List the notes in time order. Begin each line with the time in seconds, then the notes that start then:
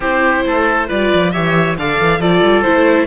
0.00 C4 E4 G4 C5
0.45 A3 A4
0.87 G3 F4 B4 D5
1.14 F3
1.31 E3 G4 C#5 E5
1.77 D3 A4 D5 F5
2.00 E3
2.18 F3 F4 A4 D5
2.42 G3
2.61 A3 E4 C5